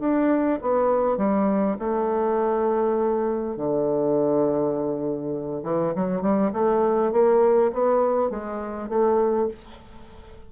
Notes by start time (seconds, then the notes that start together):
0.00 D4
0.62 B3
1.17 G3
1.79 A3
3.57 D3
5.64 E3
5.95 F#3
6.22 G3
6.53 A3
7.12 A#3
7.73 B3
8.30 G#3
8.89 A3